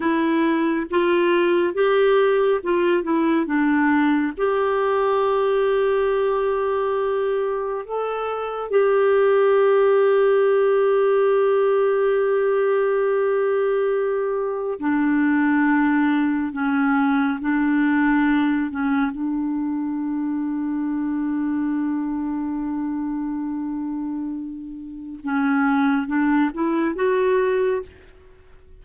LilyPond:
\new Staff \with { instrumentName = "clarinet" } { \time 4/4 \tempo 4 = 69 e'4 f'4 g'4 f'8 e'8 | d'4 g'2.~ | g'4 a'4 g'2~ | g'1~ |
g'4 d'2 cis'4 | d'4. cis'8 d'2~ | d'1~ | d'4 cis'4 d'8 e'8 fis'4 | }